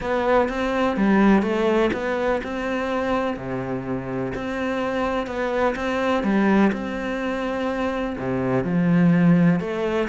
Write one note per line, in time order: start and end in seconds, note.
0.00 0.48 B3
0.48 0.96 C4
0.96 1.42 G3
1.42 1.90 A3
1.93 2.41 B3
2.43 3.36 C4
3.36 4.32 C3
4.34 5.26 C4
5.26 5.74 B3
5.75 6.23 C4
6.23 6.71 G3
6.72 8.16 C4
8.18 8.64 C3
8.64 9.60 F3
9.60 10.08 A3